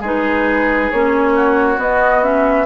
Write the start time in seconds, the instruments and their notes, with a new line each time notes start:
0.00 bassoon G#3, clarinet D#4, oboe G#4, flute B4
0.91 bassoon A#3, clarinet C#4, flute C#5
1.35 oboe F#4
1.77 clarinet B3, bassoon B3, flute D#5
2.22 clarinet C#4, flute E5